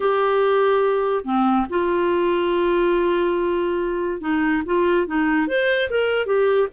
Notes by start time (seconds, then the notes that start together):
0.00 G4
1.24 C4
1.69 F4
4.21 D#4
4.65 F4
5.06 D#4
5.47 C5
5.90 A#4
6.26 G4